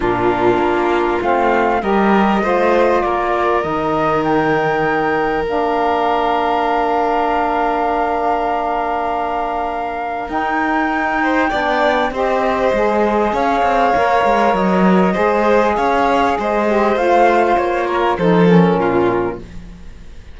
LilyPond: <<
  \new Staff \with { instrumentName = "flute" } { \time 4/4 \tempo 4 = 99 ais'2 f''4 dis''4~ | dis''4 d''4 dis''4 g''4~ | g''4 f''2.~ | f''1~ |
f''4 g''2. | dis''2 f''2 | dis''2 f''4 dis''4 | f''4 cis''4 c''8 ais'4. | }
  \new Staff \with { instrumentName = "violin" } { \time 4/4 f'2. ais'4 | c''4 ais'2.~ | ais'1~ | ais'1~ |
ais'2~ ais'8 c''8 d''4 | c''2 cis''2~ | cis''4 c''4 cis''4 c''4~ | c''4. ais'8 a'4 f'4 | }
  \new Staff \with { instrumentName = "saxophone" } { \time 4/4 d'2 c'4 g'4 | f'2 dis'2~ | dis'4 d'2.~ | d'1~ |
d'4 dis'2 d'4 | g'4 gis'2 ais'4~ | ais'4 gis'2~ gis'8 g'8 | f'2 dis'8 cis'4. | }
  \new Staff \with { instrumentName = "cello" } { \time 4/4 ais,4 ais4 a4 g4 | a4 ais4 dis2~ | dis4 ais2.~ | ais1~ |
ais4 dis'2 b4 | c'4 gis4 cis'8 c'8 ais8 gis8 | fis4 gis4 cis'4 gis4 | a4 ais4 f4 ais,4 | }
>>